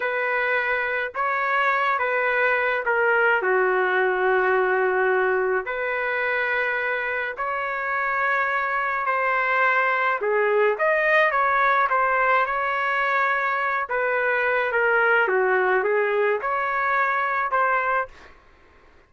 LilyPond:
\new Staff \with { instrumentName = "trumpet" } { \time 4/4 \tempo 4 = 106 b'2 cis''4. b'8~ | b'4 ais'4 fis'2~ | fis'2 b'2~ | b'4 cis''2. |
c''2 gis'4 dis''4 | cis''4 c''4 cis''2~ | cis''8 b'4. ais'4 fis'4 | gis'4 cis''2 c''4 | }